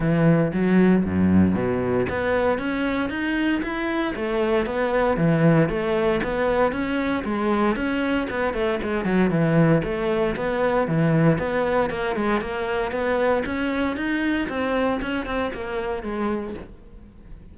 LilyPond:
\new Staff \with { instrumentName = "cello" } { \time 4/4 \tempo 4 = 116 e4 fis4 fis,4 b,4 | b4 cis'4 dis'4 e'4 | a4 b4 e4 a4 | b4 cis'4 gis4 cis'4 |
b8 a8 gis8 fis8 e4 a4 | b4 e4 b4 ais8 gis8 | ais4 b4 cis'4 dis'4 | c'4 cis'8 c'8 ais4 gis4 | }